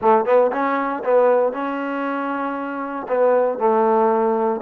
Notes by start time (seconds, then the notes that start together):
0.01 A3
0.25 B3
0.52 C#4
1.03 B3
1.52 C#4
3.08 B3
3.58 A3